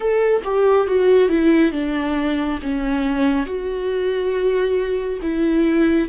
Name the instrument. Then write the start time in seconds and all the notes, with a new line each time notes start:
viola
0.00 A4
0.44 G4
0.87 F#4
1.28 E4
1.72 D4
2.62 C#4
3.45 F#4
5.22 E4